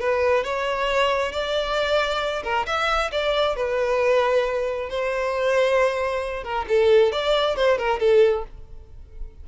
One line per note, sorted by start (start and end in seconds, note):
0.00 0.44 B4
0.44 1.32 C#5
1.32 2.43 D5
2.43 2.66 A#4
2.66 3.11 E5
3.11 3.56 D5
3.56 4.89 B4
4.89 6.43 C5
6.43 6.65 A#4
6.68 7.12 A4
7.12 7.56 D5
7.56 7.78 C5
7.78 7.99 A#4
7.99 8.44 A4